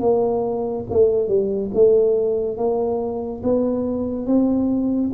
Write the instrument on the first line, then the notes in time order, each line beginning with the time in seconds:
tuba
0.00 A#3
0.90 A3
1.28 G3
1.74 A3
2.57 A#3
3.43 B3
4.26 C4